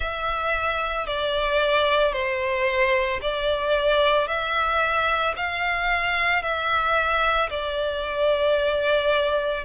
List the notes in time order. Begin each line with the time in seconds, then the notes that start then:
0.00 E5
1.06 D5
2.12 C5
3.21 D5
4.27 E5
5.36 F5
6.42 E5
7.50 D5